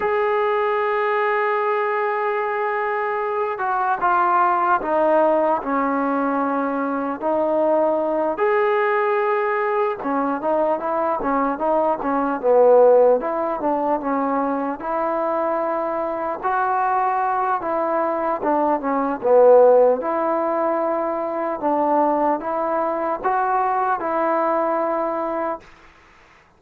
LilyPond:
\new Staff \with { instrumentName = "trombone" } { \time 4/4 \tempo 4 = 75 gis'1~ | gis'8 fis'8 f'4 dis'4 cis'4~ | cis'4 dis'4. gis'4.~ | gis'8 cis'8 dis'8 e'8 cis'8 dis'8 cis'8 b8~ |
b8 e'8 d'8 cis'4 e'4.~ | e'8 fis'4. e'4 d'8 cis'8 | b4 e'2 d'4 | e'4 fis'4 e'2 | }